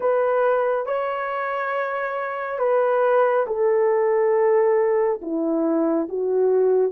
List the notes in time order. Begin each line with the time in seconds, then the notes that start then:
0.00 B4
0.85 C#5
2.58 B4
3.46 A4
5.21 E4
6.09 F#4